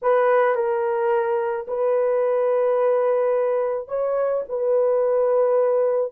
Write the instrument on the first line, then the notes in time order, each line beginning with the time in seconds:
horn
0.02 B4
0.55 A#4
1.67 B4
3.88 C#5
4.48 B4